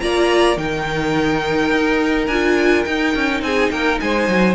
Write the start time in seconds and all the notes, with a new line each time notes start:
0.00 A#3 F4 D5 A#5
0.57 D#3 D#4 A#4 G5
1.71 D#4
2.27 D4 F4 G#5
2.84 D#4 G5
3.15 C#4
3.42 C4 G#4 G#5
3.71 A#3 A#4 G5
4.00 G#3 C5 G#5
4.28 F#3